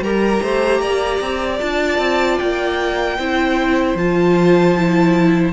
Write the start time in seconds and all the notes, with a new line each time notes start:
0.00 G3 G4 A#4 A#5
0.42 A3 C5
0.80 A#3 D5
1.20 C4
1.60 D4 F4 A5
1.98 C4
2.38 A#3 G5
3.18 C4 E4 C5
3.94 F3 F4 A5
4.77 E4